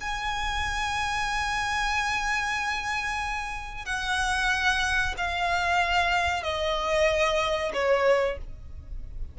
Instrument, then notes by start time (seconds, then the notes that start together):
violin
0.00 G#5
3.85 F#5
5.17 F5
6.43 D#5
7.73 C#5